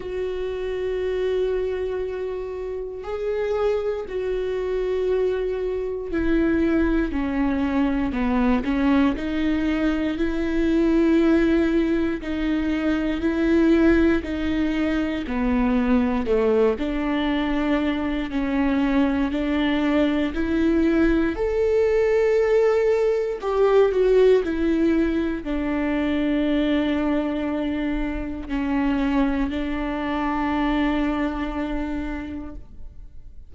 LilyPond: \new Staff \with { instrumentName = "viola" } { \time 4/4 \tempo 4 = 59 fis'2. gis'4 | fis'2 e'4 cis'4 | b8 cis'8 dis'4 e'2 | dis'4 e'4 dis'4 b4 |
a8 d'4. cis'4 d'4 | e'4 a'2 g'8 fis'8 | e'4 d'2. | cis'4 d'2. | }